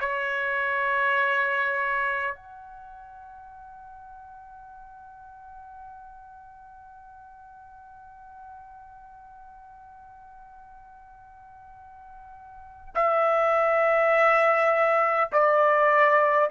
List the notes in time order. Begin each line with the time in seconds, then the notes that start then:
0.00 C#5
2.35 F#5
12.95 E5
15.32 D5